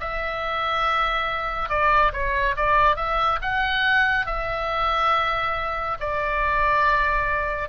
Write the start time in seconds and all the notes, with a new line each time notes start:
0.00 E5
1.69 D5
2.13 C#5
2.56 D5
2.96 E5
3.41 F#5
4.26 E5
6.00 D5